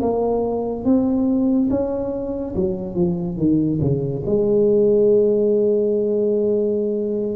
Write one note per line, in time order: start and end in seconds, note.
0.00 0.84 A#3
0.84 1.69 C4
1.70 2.54 C#4
2.55 2.95 F#3
2.95 3.37 F3
3.37 3.79 D#3
3.81 4.23 C#3
4.26 7.36 G#3